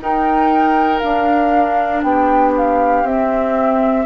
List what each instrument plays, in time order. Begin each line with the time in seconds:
0.00 bassoon D#4, clarinet D#4, oboe A#4, flute G5
0.99 bassoon D4, clarinet D4, flute F5
2.02 bassoon B3, oboe G4, flute G5
2.57 flute F5
3.03 bassoon C4, clarinet C4, flute E5